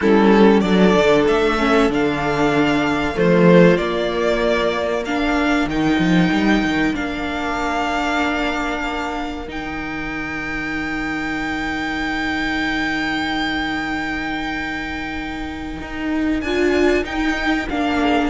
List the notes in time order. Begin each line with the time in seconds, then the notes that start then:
0.01 G3 C#4 E4 A4
0.60 F#3 D4 A4 D5
0.96 D3
1.26 A3 E5
1.58 C#4
1.89 D3 D4 F5
3.14 F3 A3 F4 C5
3.77 A#3 D5
5.03 D4 A#4 F5
5.65 D#3 D#4 G5
5.98 F3
6.31 G3
6.63 D#3
6.93 A#3 D4 F5
9.47 D#3 D#4 G5
15.81 D#4
16.40 D4 F4 G#5
17.03 D#4 G5
17.69 A#3 D4 F5
18.01 G#4